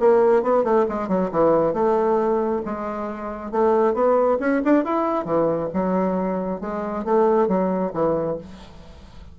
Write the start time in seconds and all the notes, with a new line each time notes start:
0.00 A#3
0.43 B3
0.64 A3
0.89 G#3
1.08 F#3
1.32 E3
1.74 A3
2.65 G#3
3.51 A3
3.94 B3
4.40 C#4
4.65 D4
4.84 E4
5.25 E3
5.74 F#3
6.61 G#3
7.05 A3
7.48 F#3
7.94 E3